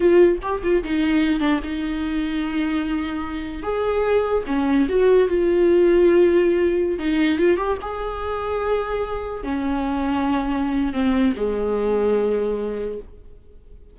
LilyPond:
\new Staff \with { instrumentName = "viola" } { \time 4/4 \tempo 4 = 148 f'4 g'8 f'8 dis'4. d'8 | dis'1~ | dis'4 gis'2 cis'4 | fis'4 f'2.~ |
f'4~ f'16 dis'4 f'8 g'8 gis'8.~ | gis'2.~ gis'16 cis'8.~ | cis'2. c'4 | gis1 | }